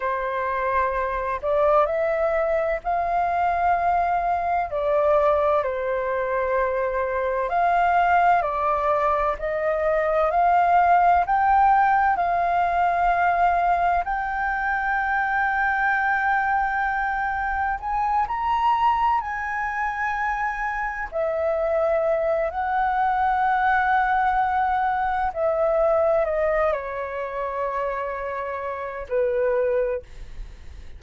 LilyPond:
\new Staff \with { instrumentName = "flute" } { \time 4/4 \tempo 4 = 64 c''4. d''8 e''4 f''4~ | f''4 d''4 c''2 | f''4 d''4 dis''4 f''4 | g''4 f''2 g''4~ |
g''2. gis''8 ais''8~ | ais''8 gis''2 e''4. | fis''2. e''4 | dis''8 cis''2~ cis''8 b'4 | }